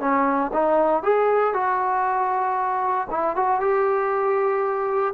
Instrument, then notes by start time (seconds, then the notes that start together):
trombone
0.00 C#4
0.53 D#4
1.03 G#4
1.54 F#4
3.10 E4
3.36 F#4
3.60 G4